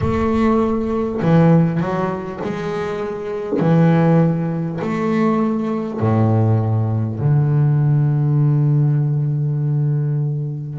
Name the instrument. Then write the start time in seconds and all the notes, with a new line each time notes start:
double bass
0.00 A3
1.21 E3
1.79 F#3
2.43 G#3
3.59 E3
4.81 A3
6.00 A2
7.19 D3